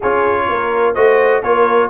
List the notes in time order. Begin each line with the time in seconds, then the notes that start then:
0.00 C#4 F4 G#4 C#5
0.48 A#3 A#4
0.94 A3 F#4 C5 D#5
1.42 A#3 F4 A#4 C#5